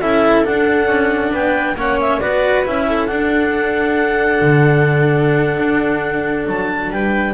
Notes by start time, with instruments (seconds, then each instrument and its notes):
0.00 double bass C#4, cello E4, viola A4, clarinet E5
0.44 cello D4, double bass D4, clarinet F#5
0.87 double bass C#4
1.31 double bass B3, viola B4, clarinet G5
1.75 double bass A#3, cello C#4, viola C#5, clarinet F#5
2.00 clarinet E5
2.19 double bass B3, cello F#4, viola B4, clarinet D5
2.65 double bass C#4, cello E4, clarinet E5
2.87 viola A4
3.06 cello D4, double bass D4, clarinet F#5
4.41 double bass D3
5.58 double bass D4
6.46 double bass F#3, clarinet A5
6.90 double bass G3, viola B4, clarinet G5